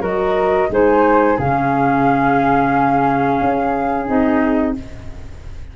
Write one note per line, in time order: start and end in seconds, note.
0.00 0.68 F#3
0.00 0.67 F#4
0.00 0.68 A#4
0.00 0.71 D#5
0.69 1.37 G#3
0.69 1.38 D#4
0.69 1.37 C5
0.69 1.39 G#5
1.37 3.40 C#3
1.37 4.06 C#4
1.37 4.74 G#4
1.37 4.07 F5
3.41 4.08 C#4
4.06 4.76 C4
4.06 4.74 D#4
4.06 4.74 D#5